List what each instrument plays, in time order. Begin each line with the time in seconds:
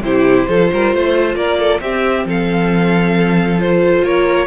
0.00 cello C3, viola E4, violin G4 C5
0.48 cello F3, viola F4, violin A4
0.72 cello G3, violin A#4
0.93 cello A3, violin C5
1.35 cello A#3, violin A#4 D5
1.58 violin A4
1.80 cello C4, viola C4, violin G4 E5
2.24 cello F3, violin A4 F5
3.58 viola F4, violin C5
4.04 cello A#3, violin A#4 C#5